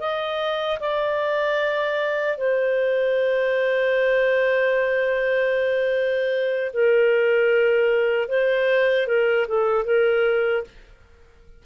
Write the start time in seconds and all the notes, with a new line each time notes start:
0.00 D#5
0.80 D5
2.38 C5
6.74 A#4
8.29 C5
9.08 A#4
9.48 A4
9.85 A#4